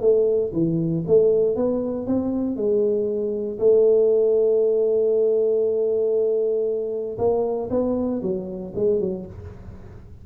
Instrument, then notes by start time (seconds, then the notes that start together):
tuba
0.00 A3
0.52 E3
1.07 A3
1.55 B3
2.06 C4
2.56 G#3
3.59 A3
7.18 A#3
7.70 B3
8.22 F#3
8.75 G#3
9.00 F#3